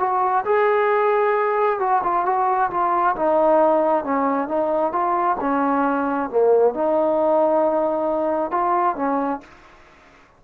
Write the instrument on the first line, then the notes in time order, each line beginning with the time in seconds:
trombone
0.00 F#4
0.46 G#4
1.80 F#4
2.04 F4
2.26 F#4
2.71 F4
3.16 D#4
4.05 C#4
4.49 D#4
4.93 F4
5.41 C#4
6.30 A#3
6.75 D#4
8.52 F4
8.96 C#4